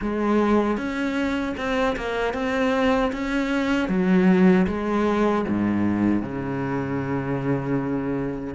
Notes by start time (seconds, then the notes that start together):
0.01 G#3
0.77 C#4
1.57 C4
1.96 A#3
2.33 C4
3.12 C#4
3.88 F#3
4.67 G#3
5.48 G#2
6.22 C#3